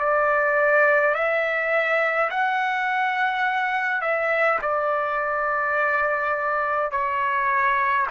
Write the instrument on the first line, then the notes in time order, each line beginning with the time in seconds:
trumpet
0.00 D5
1.15 E5
2.30 F#5
4.01 E5
4.62 D5
6.92 C#5